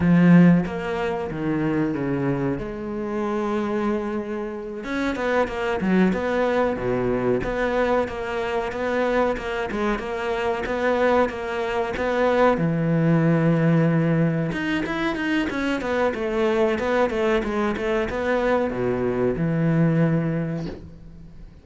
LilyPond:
\new Staff \with { instrumentName = "cello" } { \time 4/4 \tempo 4 = 93 f4 ais4 dis4 cis4 | gis2.~ gis8 cis'8 | b8 ais8 fis8 b4 b,4 b8~ | b8 ais4 b4 ais8 gis8 ais8~ |
ais8 b4 ais4 b4 e8~ | e2~ e8 dis'8 e'8 dis'8 | cis'8 b8 a4 b8 a8 gis8 a8 | b4 b,4 e2 | }